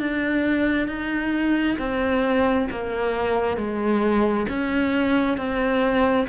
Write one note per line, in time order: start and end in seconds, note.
0.00 0.88 D4
0.88 1.77 D#4
1.79 2.68 C4
2.71 3.57 A#3
3.57 4.47 G#3
4.49 5.38 C#4
5.38 6.27 C4